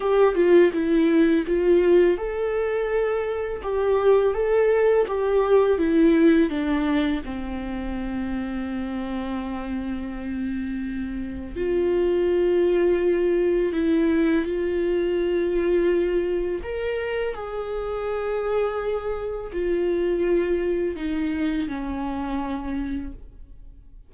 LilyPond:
\new Staff \with { instrumentName = "viola" } { \time 4/4 \tempo 4 = 83 g'8 f'8 e'4 f'4 a'4~ | a'4 g'4 a'4 g'4 | e'4 d'4 c'2~ | c'1 |
f'2. e'4 | f'2. ais'4 | gis'2. f'4~ | f'4 dis'4 cis'2 | }